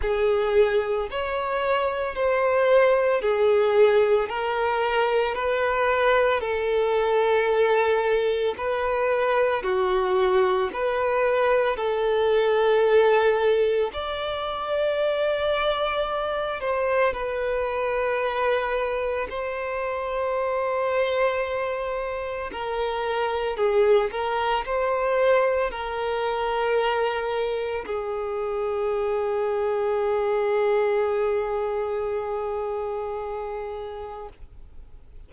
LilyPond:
\new Staff \with { instrumentName = "violin" } { \time 4/4 \tempo 4 = 56 gis'4 cis''4 c''4 gis'4 | ais'4 b'4 a'2 | b'4 fis'4 b'4 a'4~ | a'4 d''2~ d''8 c''8 |
b'2 c''2~ | c''4 ais'4 gis'8 ais'8 c''4 | ais'2 gis'2~ | gis'1 | }